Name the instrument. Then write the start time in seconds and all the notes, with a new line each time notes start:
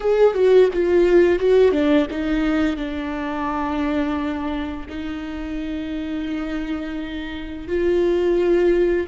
viola
0.00 G#4
0.34 F#4
0.73 F4
1.39 F#4
1.71 D4
2.10 D#4
2.76 D4
4.88 D#4
7.67 F4